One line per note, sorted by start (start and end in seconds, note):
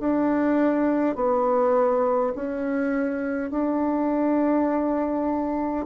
0.00 1.16 D4
1.16 2.33 B3
2.35 3.51 C#4
3.51 5.86 D4